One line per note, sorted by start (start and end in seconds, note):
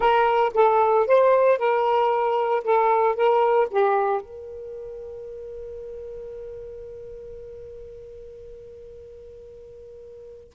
0.00 0.52 A#4
0.54 1.06 A4
1.06 1.58 C5
1.58 2.63 A#4
2.64 3.15 A4
3.15 3.68 A#4
3.70 4.21 G4
4.21 10.53 A#4